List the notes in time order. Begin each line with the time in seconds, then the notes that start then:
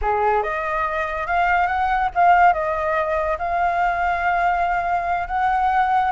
0.01 G#4
0.42 D#5
1.26 F5
1.66 F#5
2.14 F5
2.53 D#5
3.38 F5
5.27 F#5